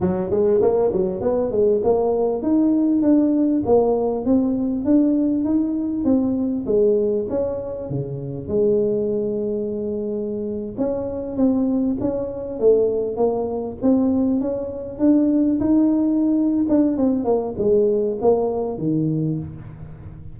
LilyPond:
\new Staff \with { instrumentName = "tuba" } { \time 4/4 \tempo 4 = 99 fis8 gis8 ais8 fis8 b8 gis8 ais4 | dis'4 d'4 ais4 c'4 | d'4 dis'4 c'4 gis4 | cis'4 cis4 gis2~ |
gis4.~ gis16 cis'4 c'4 cis'16~ | cis'8. a4 ais4 c'4 cis'16~ | cis'8. d'4 dis'4.~ dis'16 d'8 | c'8 ais8 gis4 ais4 dis4 | }